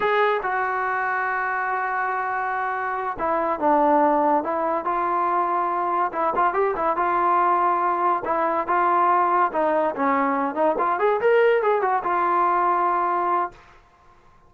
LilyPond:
\new Staff \with { instrumentName = "trombone" } { \time 4/4 \tempo 4 = 142 gis'4 fis'2.~ | fis'2.~ fis'8 e'8~ | e'8 d'2 e'4 f'8~ | f'2~ f'8 e'8 f'8 g'8 |
e'8 f'2. e'8~ | e'8 f'2 dis'4 cis'8~ | cis'4 dis'8 f'8 gis'8 ais'4 gis'8 | fis'8 f'2.~ f'8 | }